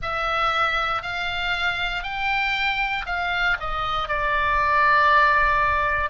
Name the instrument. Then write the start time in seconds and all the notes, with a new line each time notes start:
oboe
0.01 E5
1.02 F5
2.03 G5
3.06 F5
3.60 D#5
4.08 D5